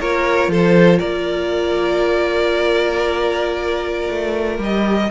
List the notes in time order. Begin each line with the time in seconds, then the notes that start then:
0.00 A#3 F4 A#4 C#5
0.48 F3 A4 C5
0.98 A#3 A#4 D5
4.09 A3
4.58 G3 G4 D#5